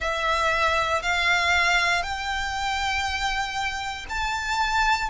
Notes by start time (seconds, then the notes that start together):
0.00 E5
1.02 F5
2.02 G5
4.09 A5